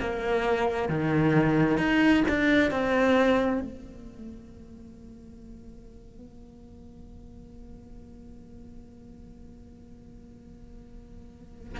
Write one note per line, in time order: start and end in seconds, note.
0.00 0.89 A#3
0.89 1.78 D#3
1.78 2.23 D#4
2.29 2.71 D4
2.71 3.61 C4
3.61 11.79 A#3